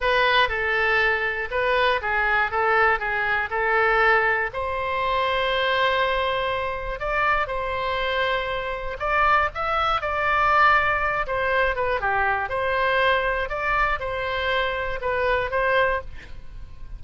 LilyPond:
\new Staff \with { instrumentName = "oboe" } { \time 4/4 \tempo 4 = 120 b'4 a'2 b'4 | gis'4 a'4 gis'4 a'4~ | a'4 c''2.~ | c''2 d''4 c''4~ |
c''2 d''4 e''4 | d''2~ d''8 c''4 b'8 | g'4 c''2 d''4 | c''2 b'4 c''4 | }